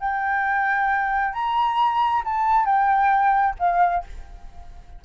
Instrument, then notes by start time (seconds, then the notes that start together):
flute
0.00 G5
1.33 A#5
2.25 A5
2.66 G5
3.59 F5